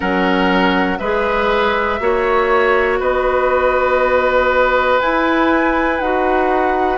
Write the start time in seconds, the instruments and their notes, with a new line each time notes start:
0.00 bassoon F#3, clarinet C#4, oboe A#4, flute F#5
0.98 bassoon G#3, clarinet G#4, oboe B4, flute E5
1.99 bassoon A#3, clarinet F#4, oboe C#5
2.99 bassoon B3, oboe B4, flute D#5
4.99 bassoon E4, clarinet E4, flute G#5
5.99 bassoon D#4, clarinet F#4, flute F#5